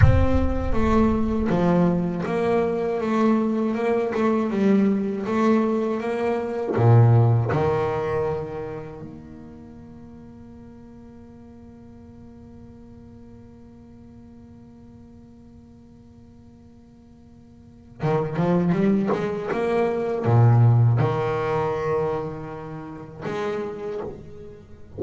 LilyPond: \new Staff \with { instrumentName = "double bass" } { \time 4/4 \tempo 4 = 80 c'4 a4 f4 ais4 | a4 ais8 a8 g4 a4 | ais4 ais,4 dis2 | ais1~ |
ais1~ | ais1 | dis8 f8 g8 gis8 ais4 ais,4 | dis2. gis4 | }